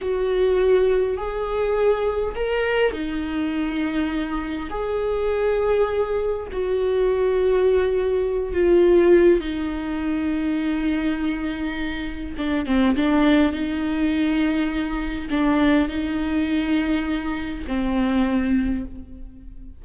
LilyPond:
\new Staff \with { instrumentName = "viola" } { \time 4/4 \tempo 4 = 102 fis'2 gis'2 | ais'4 dis'2. | gis'2. fis'4~ | fis'2~ fis'8 f'4. |
dis'1~ | dis'4 d'8 c'8 d'4 dis'4~ | dis'2 d'4 dis'4~ | dis'2 c'2 | }